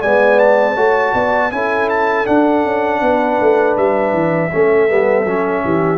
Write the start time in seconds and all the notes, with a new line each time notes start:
0.00 G#3 B3 D5 G#5
0.39 A5
0.75 A3 F#4 C#5
1.13 B3 D5
1.51 C#4 E4 A4 G#5
1.89 A5
2.25 D4 F#5
2.64 C#4
3.01 B3 B4
3.40 A3
3.77 G3 E5
4.12 E3
4.51 A3 C#4 A4
4.88 G3 B3
5.25 F#3 C#4
5.64 E3 G4